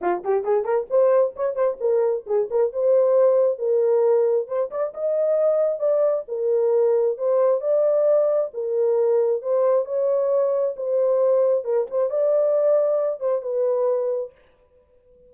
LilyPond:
\new Staff \with { instrumentName = "horn" } { \time 4/4 \tempo 4 = 134 f'8 g'8 gis'8 ais'8 c''4 cis''8 c''8 | ais'4 gis'8 ais'8 c''2 | ais'2 c''8 d''8 dis''4~ | dis''4 d''4 ais'2 |
c''4 d''2 ais'4~ | ais'4 c''4 cis''2 | c''2 ais'8 c''8 d''4~ | d''4. c''8 b'2 | }